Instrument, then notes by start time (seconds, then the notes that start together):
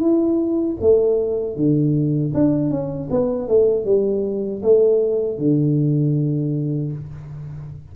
tuba
0.00 E4
0.81 A3
1.56 D3
2.35 D4
2.71 C#4
3.11 B3
3.48 A3
3.85 G3
4.63 A3
5.38 D3